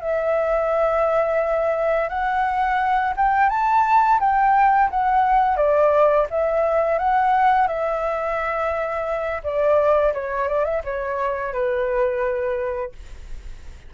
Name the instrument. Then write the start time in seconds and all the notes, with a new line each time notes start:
flute
0.00 E5
2.09 F#5
3.16 G5
3.49 A5
4.20 G5
4.90 F#5
5.57 D5
6.30 E5
6.98 F#5
7.67 E5
9.43 D5
10.13 C#5
10.48 D5
10.65 E5
10.84 C#5
11.52 B4